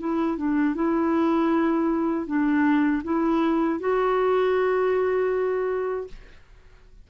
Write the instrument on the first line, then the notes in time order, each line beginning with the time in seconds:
clarinet
0.00 E4
0.37 D4
0.75 E4
2.27 D4
3.04 E4
3.80 F#4